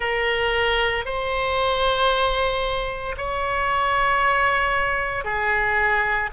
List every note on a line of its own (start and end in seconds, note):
0.00 1.05 A#4
1.05 3.15 C5
3.17 5.24 C#5
5.24 6.29 G#4